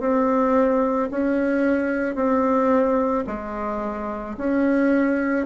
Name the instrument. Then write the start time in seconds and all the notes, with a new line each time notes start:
bassoon
0.00 C4
1.11 C#4
2.15 C4
3.27 G#3
4.38 C#4